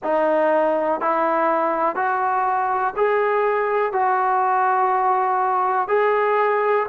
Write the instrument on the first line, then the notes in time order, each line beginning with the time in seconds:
trombone
0.03 D#4
1.00 E4
1.95 F#4
2.96 G#4
3.92 F#4
5.87 G#4